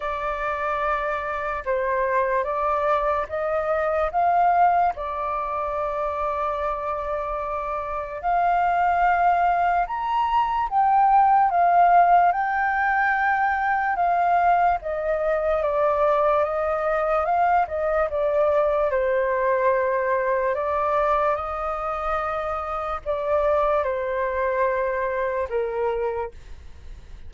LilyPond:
\new Staff \with { instrumentName = "flute" } { \time 4/4 \tempo 4 = 73 d''2 c''4 d''4 | dis''4 f''4 d''2~ | d''2 f''2 | ais''4 g''4 f''4 g''4~ |
g''4 f''4 dis''4 d''4 | dis''4 f''8 dis''8 d''4 c''4~ | c''4 d''4 dis''2 | d''4 c''2 ais'4 | }